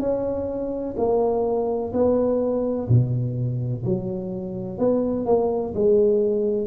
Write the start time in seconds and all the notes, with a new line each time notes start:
0.00 C#4
0.97 A#3
1.93 B3
2.89 B2
3.85 F#3
4.78 B3
5.26 A#3
5.74 G#3